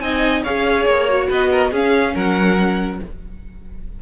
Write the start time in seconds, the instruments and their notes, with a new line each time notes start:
0.00 cello C4, viola D#4, violin D#5 G#5
0.43 cello C#4, viola G#4, violin C#5 F5
0.85 cello A#3, violin C#5
1.09 viola F#4
1.28 cello B3, violin B4 D#5
1.51 violin A#4
1.71 cello C#4, viola C#4, violin G#4 F5
2.14 cello F#3, violin A#4 F#5